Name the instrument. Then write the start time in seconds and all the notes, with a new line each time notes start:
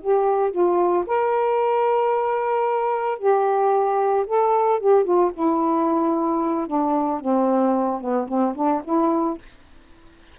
saxophone
0.00 G4
0.51 F4
1.06 A#4
3.18 G4
4.26 A4
4.79 G4
5.04 F4
5.33 E4
6.67 D4
7.20 C4
8.00 B3
8.28 C4
8.54 D4
8.84 E4